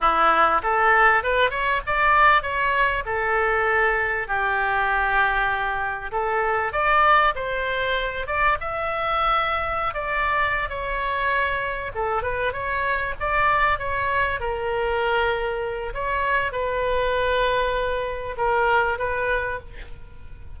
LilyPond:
\new Staff \with { instrumentName = "oboe" } { \time 4/4 \tempo 4 = 98 e'4 a'4 b'8 cis''8 d''4 | cis''4 a'2 g'4~ | g'2 a'4 d''4 | c''4. d''8 e''2~ |
e''16 d''4~ d''16 cis''2 a'8 | b'8 cis''4 d''4 cis''4 ais'8~ | ais'2 cis''4 b'4~ | b'2 ais'4 b'4 | }